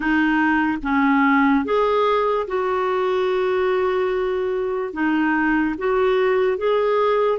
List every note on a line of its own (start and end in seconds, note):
0.00 0.78 D#4
0.82 1.64 C#4
1.64 2.47 G#4
2.47 4.93 F#4
4.93 5.75 D#4
5.78 6.58 F#4
6.58 7.39 G#4